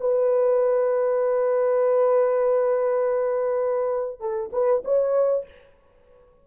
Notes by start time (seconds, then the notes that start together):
0.00 B4
4.20 A4
4.53 B4
4.84 C#5